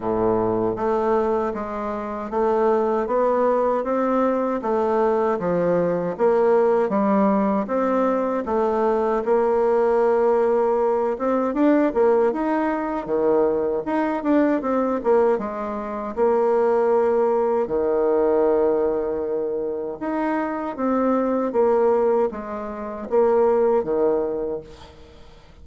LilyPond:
\new Staff \with { instrumentName = "bassoon" } { \time 4/4 \tempo 4 = 78 a,4 a4 gis4 a4 | b4 c'4 a4 f4 | ais4 g4 c'4 a4 | ais2~ ais8 c'8 d'8 ais8 |
dis'4 dis4 dis'8 d'8 c'8 ais8 | gis4 ais2 dis4~ | dis2 dis'4 c'4 | ais4 gis4 ais4 dis4 | }